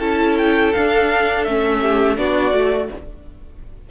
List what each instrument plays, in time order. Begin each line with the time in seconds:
0.00 cello C#4, viola E4, violin A4 A5
0.38 violin G5
0.73 cello D4, viola D4, violin F5
1.45 cello A3, viola C#4, violin E5
1.82 violin G4
2.17 cello B3, viola D4, violin F#4 D5
2.53 cello A3, viola F#4